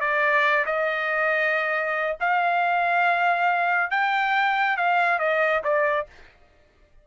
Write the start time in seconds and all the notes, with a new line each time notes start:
0.00 D5
0.66 D#5
2.20 F5
3.90 G5
4.77 F5
5.19 D#5
5.63 D5